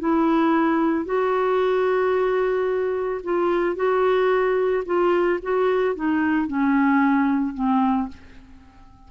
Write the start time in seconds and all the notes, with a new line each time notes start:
0.00 E4
1.05 F#4
3.24 F4
3.76 F#4
4.86 F4
5.43 F#4
5.96 D#4
6.47 C#4
7.55 C4